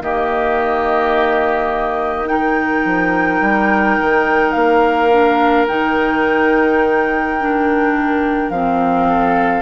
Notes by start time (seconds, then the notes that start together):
0.00 D#3 A#3 G4 D#5
2.25 D#4 A#4 G5
2.84 F3
3.40 G3
4.00 D#3
4.52 A#3 F5
5.10 D4
5.67 D#3 D#4 G5
7.40 D4
8.49 F3 C4 F5
9.08 A4